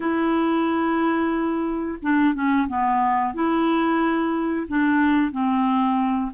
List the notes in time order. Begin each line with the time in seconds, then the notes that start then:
0.00 E4
2.02 D4
2.34 C#4
2.68 B3
3.34 E4
4.68 D4
5.32 C4